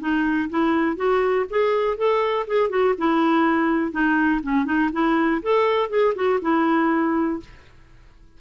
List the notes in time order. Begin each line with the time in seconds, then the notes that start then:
0.00 D#4
0.49 E4
0.96 F#4
1.50 G#4
1.97 A4
2.47 G#4
2.69 F#4
2.98 E4
3.91 D#4
4.42 C#4
4.65 D#4
4.92 E4
5.42 A4
5.89 G#4
6.15 F#4
6.41 E4